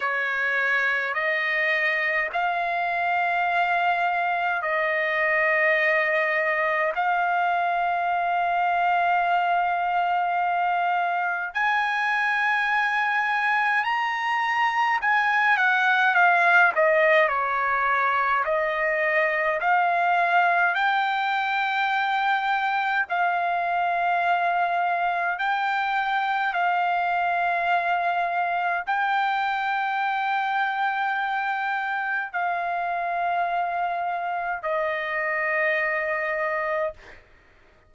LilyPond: \new Staff \with { instrumentName = "trumpet" } { \time 4/4 \tempo 4 = 52 cis''4 dis''4 f''2 | dis''2 f''2~ | f''2 gis''2 | ais''4 gis''8 fis''8 f''8 dis''8 cis''4 |
dis''4 f''4 g''2 | f''2 g''4 f''4~ | f''4 g''2. | f''2 dis''2 | }